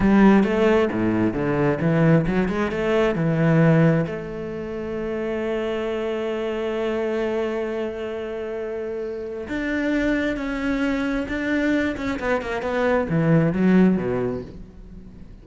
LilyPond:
\new Staff \with { instrumentName = "cello" } { \time 4/4 \tempo 4 = 133 g4 a4 a,4 d4 | e4 fis8 gis8 a4 e4~ | e4 a2.~ | a1~ |
a1~ | a4 d'2 cis'4~ | cis'4 d'4. cis'8 b8 ais8 | b4 e4 fis4 b,4 | }